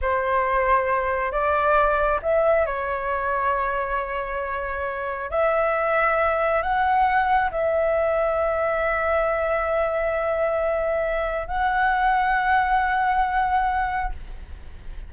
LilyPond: \new Staff \with { instrumentName = "flute" } { \time 4/4 \tempo 4 = 136 c''2. d''4~ | d''4 e''4 cis''2~ | cis''1 | e''2. fis''4~ |
fis''4 e''2.~ | e''1~ | e''2 fis''2~ | fis''1 | }